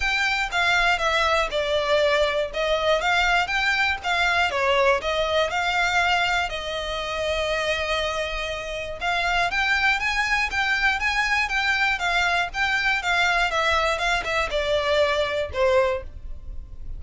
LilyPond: \new Staff \with { instrumentName = "violin" } { \time 4/4 \tempo 4 = 120 g''4 f''4 e''4 d''4~ | d''4 dis''4 f''4 g''4 | f''4 cis''4 dis''4 f''4~ | f''4 dis''2.~ |
dis''2 f''4 g''4 | gis''4 g''4 gis''4 g''4 | f''4 g''4 f''4 e''4 | f''8 e''8 d''2 c''4 | }